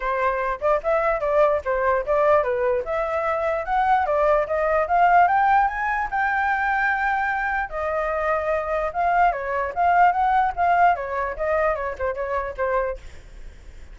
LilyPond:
\new Staff \with { instrumentName = "flute" } { \time 4/4 \tempo 4 = 148 c''4. d''8 e''4 d''4 | c''4 d''4 b'4 e''4~ | e''4 fis''4 d''4 dis''4 | f''4 g''4 gis''4 g''4~ |
g''2. dis''4~ | dis''2 f''4 cis''4 | f''4 fis''4 f''4 cis''4 | dis''4 cis''8 c''8 cis''4 c''4 | }